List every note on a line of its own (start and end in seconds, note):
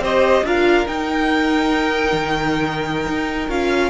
0.00 0.42 C4
0.00 0.46 G4
0.00 0.45 C5
0.00 0.47 D#5
0.44 0.86 D4
0.44 0.87 F4
0.44 3.91 A#4
0.44 0.88 F5
0.87 3.49 D#4
0.87 2.13 D#4
0.87 3.50 G5
2.13 3.08 D#3
3.09 3.49 D#4
3.49 3.91 C#4
3.49 3.91 F4
3.49 3.91 F5